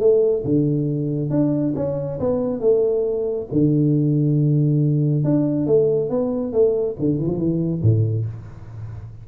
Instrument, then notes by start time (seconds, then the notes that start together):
tuba
0.00 A3
0.44 D3
1.30 D4
1.76 C#4
2.20 B3
2.60 A3
3.52 D3
5.24 D4
5.67 A3
6.10 B3
6.52 A3
6.99 D3
7.18 E3
7.27 F3
7.38 E3
7.82 A2